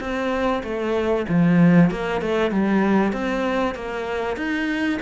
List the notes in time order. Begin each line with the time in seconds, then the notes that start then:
0.00 C4
0.63 A3
1.28 F3
1.90 A#3
2.21 A3
2.51 G3
3.12 C4
3.75 A#3
4.36 D#4